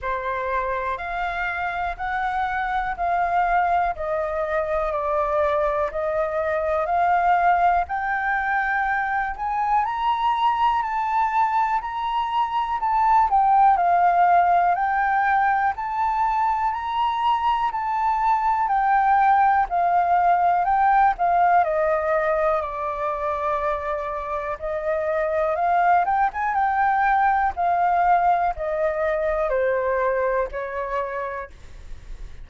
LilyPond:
\new Staff \with { instrumentName = "flute" } { \time 4/4 \tempo 4 = 61 c''4 f''4 fis''4 f''4 | dis''4 d''4 dis''4 f''4 | g''4. gis''8 ais''4 a''4 | ais''4 a''8 g''8 f''4 g''4 |
a''4 ais''4 a''4 g''4 | f''4 g''8 f''8 dis''4 d''4~ | d''4 dis''4 f''8 g''16 gis''16 g''4 | f''4 dis''4 c''4 cis''4 | }